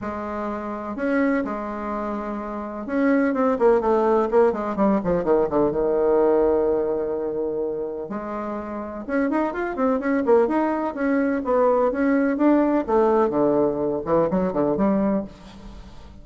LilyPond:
\new Staff \with { instrumentName = "bassoon" } { \time 4/4 \tempo 4 = 126 gis2 cis'4 gis4~ | gis2 cis'4 c'8 ais8 | a4 ais8 gis8 g8 f8 dis8 d8 | dis1~ |
dis4 gis2 cis'8 dis'8 | f'8 c'8 cis'8 ais8 dis'4 cis'4 | b4 cis'4 d'4 a4 | d4. e8 fis8 d8 g4 | }